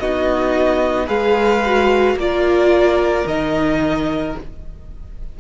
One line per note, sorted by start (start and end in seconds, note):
0.00 1.09 B3
0.00 1.07 D#4
0.00 1.07 F#4
0.00 1.09 D#5
1.07 2.15 G#3
1.07 1.62 G#4
1.07 2.16 B4
1.07 2.18 F5
1.66 2.20 F#4
2.15 3.24 A#3
2.15 3.28 F4
2.15 3.28 D5
2.22 4.40 A#4
3.26 4.35 D#3
3.26 4.37 D#4
3.26 4.37 D#5